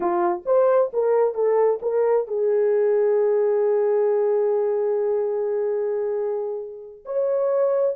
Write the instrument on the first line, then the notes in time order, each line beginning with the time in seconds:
horn
0.00 F4
0.45 C5
0.93 A#4
1.34 A4
1.82 A#4
2.27 G#4
7.05 C#5